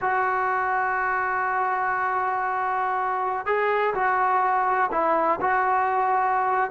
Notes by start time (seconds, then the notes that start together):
0.01 F#4
3.46 G#4
3.94 F#4
4.91 E4
5.40 F#4